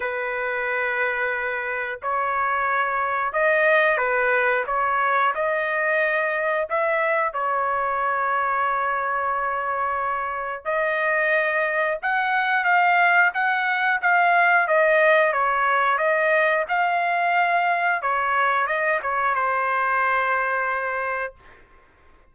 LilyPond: \new Staff \with { instrumentName = "trumpet" } { \time 4/4 \tempo 4 = 90 b'2. cis''4~ | cis''4 dis''4 b'4 cis''4 | dis''2 e''4 cis''4~ | cis''1 |
dis''2 fis''4 f''4 | fis''4 f''4 dis''4 cis''4 | dis''4 f''2 cis''4 | dis''8 cis''8 c''2. | }